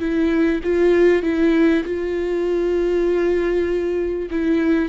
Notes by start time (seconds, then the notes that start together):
0.00 E4
0.63 F4
1.23 E4
1.85 F4
4.31 E4